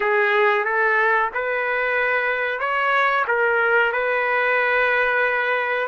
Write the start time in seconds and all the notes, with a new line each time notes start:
0.00 G#4
0.64 A4
1.34 B4
2.59 C#5
3.27 A#4
3.92 B4